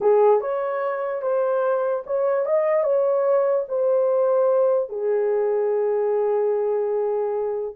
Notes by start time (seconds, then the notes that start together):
0.00 G#4
0.41 C#5
1.22 C5
2.06 C#5
2.45 D#5
2.83 C#5
3.68 C5
4.89 G#4